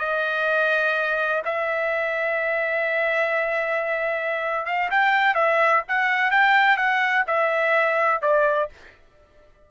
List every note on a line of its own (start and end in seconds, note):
0.00 1.43 D#5
1.45 4.66 E5
4.66 4.90 F5
4.91 5.35 G5
5.35 5.83 E5
5.89 6.32 F#5
6.32 6.77 G5
6.77 7.25 F#5
7.27 8.22 E5
8.22 8.70 D5